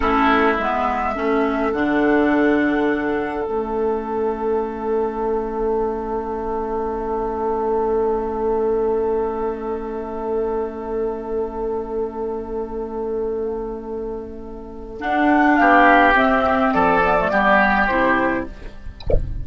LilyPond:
<<
  \new Staff \with { instrumentName = "flute" } { \time 4/4 \tempo 4 = 104 a'4 e''2 fis''4~ | fis''2 e''2~ | e''1~ | e''1~ |
e''1~ | e''1~ | e''2 fis''4 f''4 | e''4 d''2 c''4 | }
  \new Staff \with { instrumentName = "oboe" } { \time 4/4 e'2 a'2~ | a'1~ | a'1~ | a'1~ |
a'1~ | a'1~ | a'2. g'4~ | g'4 a'4 g'2 | }
  \new Staff \with { instrumentName = "clarinet" } { \time 4/4 cis'4 b4 cis'4 d'4~ | d'2 cis'2~ | cis'1~ | cis'1~ |
cis'1~ | cis'1~ | cis'2 d'2 | c'4. b16 a16 b4 e'4 | }
  \new Staff \with { instrumentName = "bassoon" } { \time 4/4 a4 gis4 a4 d4~ | d2 a2~ | a1~ | a1~ |
a1~ | a1~ | a2 d'4 b4 | c'4 f4 g4 c4 | }
>>